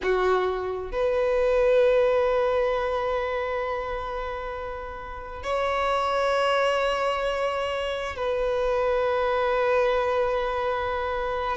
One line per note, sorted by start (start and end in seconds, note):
0.02 0.91 F#4
0.91 5.43 B4
5.43 8.16 C#5
8.16 11.56 B4